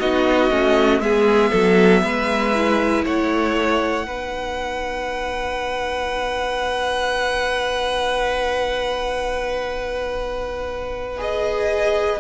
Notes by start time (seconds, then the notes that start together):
0.00 B3 D#4 F#4 D#5
0.51 A3 C#4
1.00 G#3 B3 G#4 E5
1.51 F#3 A4
2.03 G#3 B4
2.55 E4
3.05 A3 C#5 F#5
4.05 B3 D#4 B4
11.19 G#4 D#5